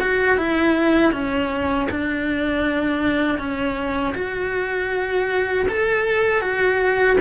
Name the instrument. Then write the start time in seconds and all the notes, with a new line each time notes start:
cello
0.00 F#4
0.38 E4
1.12 C#4
1.90 D4
3.38 C#4
4.15 F#4
5.69 A4
6.41 F#4